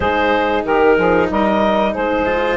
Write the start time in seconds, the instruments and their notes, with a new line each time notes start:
0.00 bassoon G#3, cello D#4, saxophone G#4, clarinet C5
0.64 bassoon D#3, saxophone G4, clarinet A#4
0.96 bassoon F3, saxophone G#4
1.30 bassoon G3, saxophone A#4, clarinet D#5
1.92 bassoon G#3, saxophone G#4, clarinet C5
2.25 cello F4